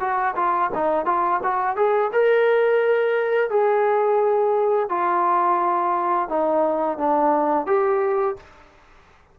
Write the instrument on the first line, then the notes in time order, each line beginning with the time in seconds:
trombone
0.00 F#4
0.36 F4
0.75 D#4
1.06 F4
1.43 F#4
1.77 G#4
2.13 A#4
3.50 G#4
4.89 F4
6.29 D#4
6.98 D4
7.67 G4